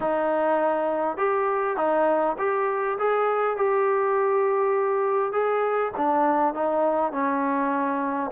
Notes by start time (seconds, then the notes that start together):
0.00 D#4
1.17 G4
1.77 D#4
2.38 G4
2.98 G#4
3.56 G4
5.32 G#4
5.97 D4
6.54 D#4
7.12 C#4